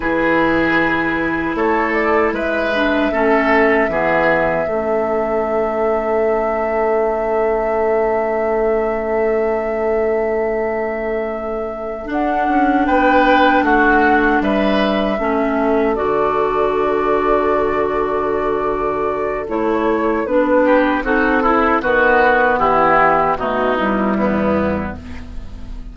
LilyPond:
<<
  \new Staff \with { instrumentName = "flute" } { \time 4/4 \tempo 4 = 77 b'2 cis''8 d''8 e''4~ | e''1~ | e''1~ | e''2.~ e''8 fis''8~ |
fis''8 g''4 fis''4 e''4.~ | e''8 d''2.~ d''8~ | d''4 cis''4 b'4 a'4 | b'4 g'4 fis'8 e'4. | }
  \new Staff \with { instrumentName = "oboe" } { \time 4/4 gis'2 a'4 b'4 | a'4 gis'4 a'2~ | a'1~ | a'1~ |
a'8 b'4 fis'4 b'4 a'8~ | a'1~ | a'2~ a'8 g'8 fis'8 e'8 | fis'4 e'4 dis'4 b4 | }
  \new Staff \with { instrumentName = "clarinet" } { \time 4/4 e'2.~ e'8 d'8 | cis'4 b4 cis'2~ | cis'1~ | cis'2.~ cis'8 d'8~ |
d'2.~ d'8 cis'8~ | cis'8 fis'2.~ fis'8~ | fis'4 e'4 d'4 dis'8 e'8 | b2 a8 g4. | }
  \new Staff \with { instrumentName = "bassoon" } { \time 4/4 e2 a4 gis4 | a4 e4 a2~ | a1~ | a2.~ a8 d'8 |
cis'8 b4 a4 g4 a8~ | a8 d2.~ d8~ | d4 a4 b4 c'4 | dis4 e4 b,4 e,4 | }
>>